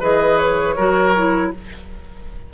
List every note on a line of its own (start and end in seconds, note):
0.00 0.77 E3
0.00 0.76 G#4
0.00 0.75 B4
0.00 0.38 D#5
0.38 1.51 C#5
0.76 1.53 F#3
0.76 1.15 F#4
0.76 1.51 A#4
1.16 1.54 E4